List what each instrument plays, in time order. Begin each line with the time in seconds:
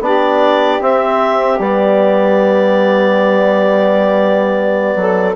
0.00 bassoon B3, trombone D4, saxophone G4, clarinet D5
0.80 trombone C4, bassoon C4, clarinet E5
1.59 bassoon G3, trombone B3, clarinet D5
4.95 bassoon F#3, saxophone A4